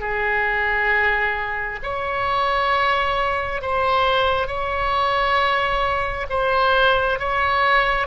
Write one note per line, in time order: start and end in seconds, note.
0.00 1.79 G#4
1.83 3.61 C#5
3.61 4.47 C5
4.47 6.26 C#5
6.29 7.19 C5
7.19 8.07 C#5